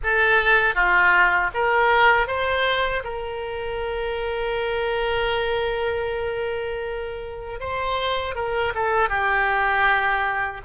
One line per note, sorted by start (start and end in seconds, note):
0.03 0.74 A4
0.74 1.50 F4
1.54 2.27 A#4
2.27 3.03 C5
3.04 7.59 A#4
7.59 8.35 C5
8.35 8.73 A#4
8.74 9.09 A4
9.09 10.61 G4